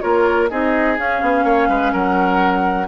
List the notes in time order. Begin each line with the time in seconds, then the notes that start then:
0.00 A#3 F4 A#4 C#5
0.49 C4 D#4 G#4 D#5
0.97 C#4 F5
1.21 B3
1.44 A#3 C#5
1.68 G#3 B4
1.92 F#3 A#4 F#5